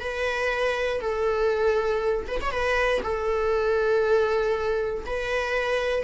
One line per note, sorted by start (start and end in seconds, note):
0.00 1.01 B4
1.01 2.27 A4
2.27 2.40 B4
2.41 2.51 C#5
2.51 3.01 B4
3.03 5.04 A4
5.06 6.03 B4